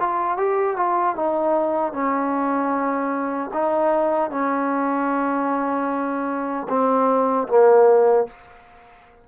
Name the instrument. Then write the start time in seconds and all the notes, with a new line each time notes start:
trombone
0.00 F4
0.38 G4
0.77 F4
1.16 D#4
1.93 C#4
3.53 D#4
4.31 C#4
6.69 C4
7.49 A#3